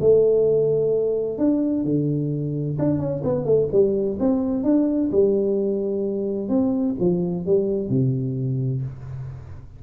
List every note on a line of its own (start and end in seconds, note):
0.00 1.38 A3
1.38 1.85 D4
1.85 2.78 D3
2.79 2.99 D4
2.99 3.23 C#4
3.24 3.45 B3
3.45 3.68 A3
3.72 4.18 G3
4.20 4.64 C4
4.64 5.10 D4
5.12 6.49 G3
6.49 6.95 C4
7.00 7.46 F3
7.46 7.89 G3
7.89 8.82 C3